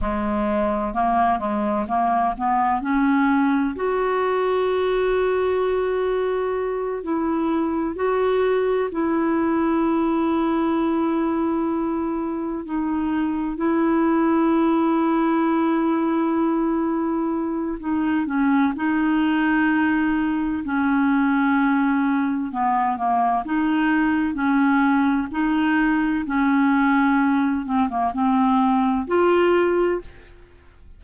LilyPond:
\new Staff \with { instrumentName = "clarinet" } { \time 4/4 \tempo 4 = 64 gis4 ais8 gis8 ais8 b8 cis'4 | fis'2.~ fis'8 e'8~ | e'8 fis'4 e'2~ e'8~ | e'4. dis'4 e'4.~ |
e'2. dis'8 cis'8 | dis'2 cis'2 | b8 ais8 dis'4 cis'4 dis'4 | cis'4. c'16 ais16 c'4 f'4 | }